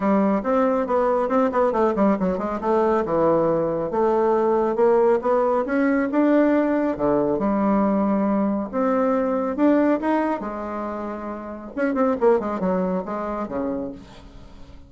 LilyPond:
\new Staff \with { instrumentName = "bassoon" } { \time 4/4 \tempo 4 = 138 g4 c'4 b4 c'8 b8 | a8 g8 fis8 gis8 a4 e4~ | e4 a2 ais4 | b4 cis'4 d'2 |
d4 g2. | c'2 d'4 dis'4 | gis2. cis'8 c'8 | ais8 gis8 fis4 gis4 cis4 | }